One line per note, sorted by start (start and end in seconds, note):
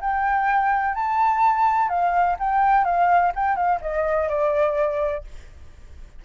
0.00 0.94 G5
0.94 1.89 A5
1.89 2.36 F5
2.39 2.84 G5
2.84 3.32 F5
3.35 3.56 G5
3.56 3.80 F5
3.81 4.29 D#5
4.29 5.24 D5